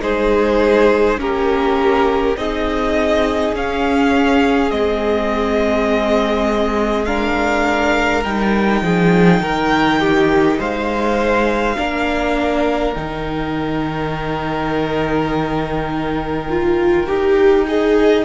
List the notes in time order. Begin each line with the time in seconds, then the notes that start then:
0.00 G#3 D#4 G#4 C5
1.17 A#3 C#4 G4 A#4
2.36 C4 D#4 G#4 D#5
3.53 C#4 F5
4.70 G#3 C4 D#5
7.05 D4 A#4 F5
8.24 G3 D#4 G5
8.81 F3 G#4
9.40 D#3 A#4
10.00 G4
10.58 G#3 C5 F5
11.76 A#3 D4 A#4
12.93 D#3 D#4 G5
16.49 F4
17.07 D#4 G4
17.67 G#4 D#5